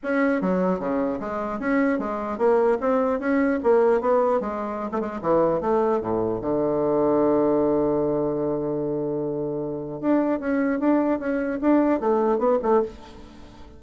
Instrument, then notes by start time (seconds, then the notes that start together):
bassoon
0.03 C#4
0.41 F#3
0.79 C#3
1.20 G#3
1.59 C#4
1.98 G#3
2.38 A#3
2.80 C4
3.19 C#4
3.63 A#3
4.00 B3
4.40 G#3
4.91 A3
5.00 G#3
5.21 E3
5.61 A3
6.00 A2
6.41 D3
10.00 D4
10.39 C#4
10.79 D4
11.19 C#4
11.61 D4
12.00 A3
12.38 B3
12.62 A3